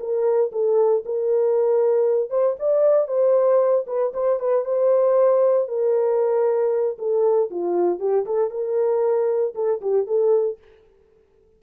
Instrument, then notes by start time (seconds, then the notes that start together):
horn
0.00 A#4
0.53 A4
1.06 A#4
2.30 C5
2.60 D5
3.08 C5
3.87 B4
4.14 C5
4.40 B4
4.65 C5
5.69 A#4
6.99 A4
7.51 F4
8.00 G4
8.26 A4
8.51 A#4
9.55 A4
9.82 G4
10.07 A4